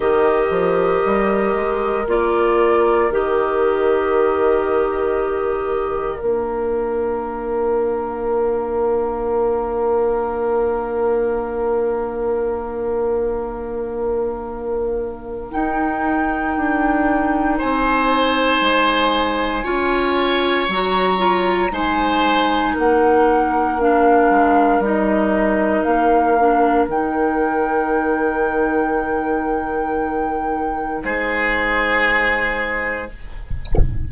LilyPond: <<
  \new Staff \with { instrumentName = "flute" } { \time 4/4 \tempo 4 = 58 dis''2 d''4 dis''4~ | dis''2 f''2~ | f''1~ | f''2. g''4~ |
g''4 gis''2. | ais''4 gis''4 fis''4 f''4 | dis''4 f''4 g''2~ | g''2 c''2 | }
  \new Staff \with { instrumentName = "oboe" } { \time 4/4 ais'1~ | ais'1~ | ais'1~ | ais'1~ |
ais'4 c''2 cis''4~ | cis''4 c''4 ais'2~ | ais'1~ | ais'2 gis'2 | }
  \new Staff \with { instrumentName = "clarinet" } { \time 4/4 g'2 f'4 g'4~ | g'2 d'2~ | d'1~ | d'2. dis'4~ |
dis'2. f'4 | fis'8 f'8 dis'2 d'4 | dis'4. d'8 dis'2~ | dis'1 | }
  \new Staff \with { instrumentName = "bassoon" } { \time 4/4 dis8 f8 g8 gis8 ais4 dis4~ | dis2 ais2~ | ais1~ | ais2. dis'4 |
d'4 c'4 gis4 cis'4 | fis4 gis4 ais4. gis8 | g4 ais4 dis2~ | dis2 gis2 | }
>>